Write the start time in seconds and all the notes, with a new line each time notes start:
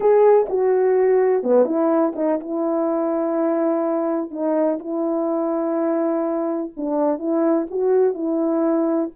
0.00 G#4
0.49 F#4
1.43 B3
1.65 E4
2.15 D#4
2.40 E4
4.30 D#4
4.79 E4
6.76 D4
7.18 E4
7.70 F#4
8.14 E4